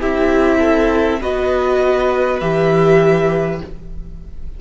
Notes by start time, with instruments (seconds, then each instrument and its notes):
0.00 cello C4, viola E4, violin G4 E5
0.59 violin A4
1.20 cello B3, viola F#4, violin B4 D#5
2.40 cello E3, viola G4, violin E5